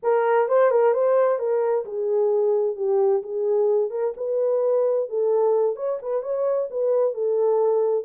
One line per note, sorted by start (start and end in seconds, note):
0.03 0.48 A#4
0.48 0.70 C5
0.70 0.93 A#4
0.93 1.38 C5
1.38 1.84 A#4
1.85 2.76 G#4
2.76 3.22 G4
3.22 3.90 G#4
3.90 4.13 A#4
4.16 5.09 B4
5.09 5.75 A4
5.75 5.99 C#5
6.02 6.22 B4
6.22 6.68 C#5
6.70 7.13 B4
7.13 8.04 A4